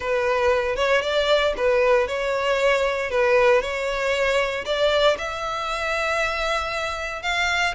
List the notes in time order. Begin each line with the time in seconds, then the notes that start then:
0.00 B4
0.76 C#5
1.01 D5
1.56 B4
2.07 C#5
3.10 B4
3.61 C#5
4.65 D5
5.18 E5
7.22 F5